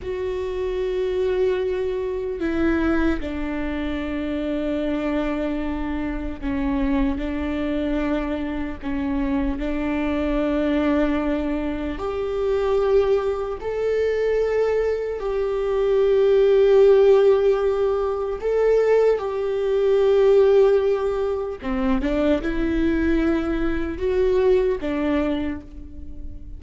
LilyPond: \new Staff \with { instrumentName = "viola" } { \time 4/4 \tempo 4 = 75 fis'2. e'4 | d'1 | cis'4 d'2 cis'4 | d'2. g'4~ |
g'4 a'2 g'4~ | g'2. a'4 | g'2. c'8 d'8 | e'2 fis'4 d'4 | }